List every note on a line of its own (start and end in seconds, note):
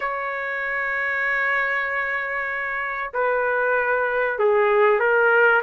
0.00 3.12 C#5
3.13 4.38 B4
4.39 4.99 G#4
4.99 5.62 A#4